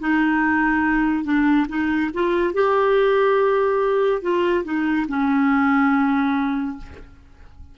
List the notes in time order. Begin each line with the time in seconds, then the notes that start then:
0.00 D#4
1.24 D4
1.69 D#4
2.14 F4
2.54 G4
4.22 F4
4.64 D#4
5.09 C#4